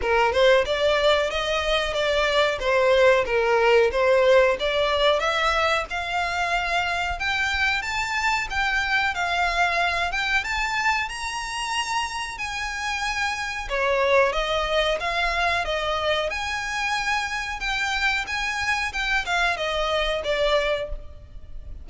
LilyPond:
\new Staff \with { instrumentName = "violin" } { \time 4/4 \tempo 4 = 92 ais'8 c''8 d''4 dis''4 d''4 | c''4 ais'4 c''4 d''4 | e''4 f''2 g''4 | a''4 g''4 f''4. g''8 |
a''4 ais''2 gis''4~ | gis''4 cis''4 dis''4 f''4 | dis''4 gis''2 g''4 | gis''4 g''8 f''8 dis''4 d''4 | }